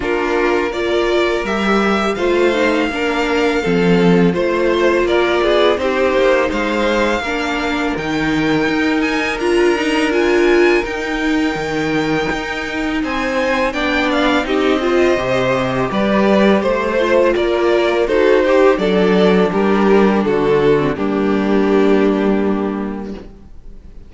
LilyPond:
<<
  \new Staff \with { instrumentName = "violin" } { \time 4/4 \tempo 4 = 83 ais'4 d''4 e''4 f''4~ | f''2 c''4 d''4 | c''4 f''2 g''4~ | g''8 gis''8 ais''4 gis''4 g''4~ |
g''2 gis''4 g''8 f''8 | dis''2 d''4 c''4 | d''4 c''4 d''4 ais'4 | a'4 g'2. | }
  \new Staff \with { instrumentName = "violin" } { \time 4/4 f'4 ais'2 c''4 | ais'4 a'4 c''4 ais'8 gis'8 | g'4 c''4 ais'2~ | ais'1~ |
ais'2 c''4 d''4 | g'8 c''4. b'4 c''4 | ais'4 a'8 g'8 a'4 g'4 | fis'4 d'2. | }
  \new Staff \with { instrumentName = "viola" } { \time 4/4 d'4 f'4 g'4 f'8 dis'8 | d'4 c'4 f'2 | dis'2 d'4 dis'4~ | dis'4 f'8 dis'8 f'4 dis'4~ |
dis'2. d'4 | dis'8 f'8 g'2~ g'8 f'8~ | f'4 fis'8 g'8 d'2~ | d'8. c'16 ais2. | }
  \new Staff \with { instrumentName = "cello" } { \time 4/4 ais2 g4 a4 | ais4 f4 a4 ais8 b8 | c'8 ais8 gis4 ais4 dis4 | dis'4 d'2 dis'4 |
dis4 dis'4 c'4 b4 | c'4 c4 g4 a4 | ais4 dis'4 fis4 g4 | d4 g2. | }
>>